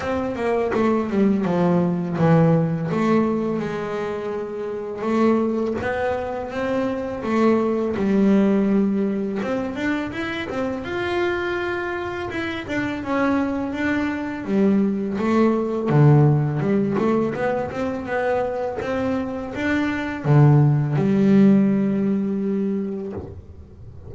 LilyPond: \new Staff \with { instrumentName = "double bass" } { \time 4/4 \tempo 4 = 83 c'8 ais8 a8 g8 f4 e4 | a4 gis2 a4 | b4 c'4 a4 g4~ | g4 c'8 d'8 e'8 c'8 f'4~ |
f'4 e'8 d'8 cis'4 d'4 | g4 a4 d4 g8 a8 | b8 c'8 b4 c'4 d'4 | d4 g2. | }